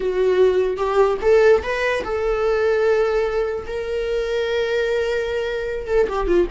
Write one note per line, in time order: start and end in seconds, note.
0.00 0.76 F#4
0.76 1.17 G4
1.21 1.62 A4
1.62 2.03 B4
2.03 3.66 A4
3.67 5.87 A#4
5.87 6.07 A4
6.08 6.27 G4
6.27 6.47 F4